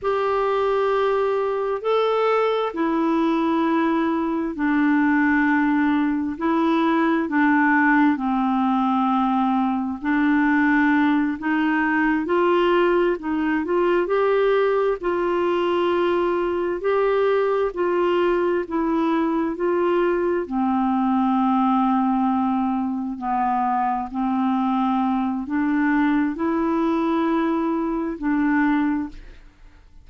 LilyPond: \new Staff \with { instrumentName = "clarinet" } { \time 4/4 \tempo 4 = 66 g'2 a'4 e'4~ | e'4 d'2 e'4 | d'4 c'2 d'4~ | d'8 dis'4 f'4 dis'8 f'8 g'8~ |
g'8 f'2 g'4 f'8~ | f'8 e'4 f'4 c'4.~ | c'4. b4 c'4. | d'4 e'2 d'4 | }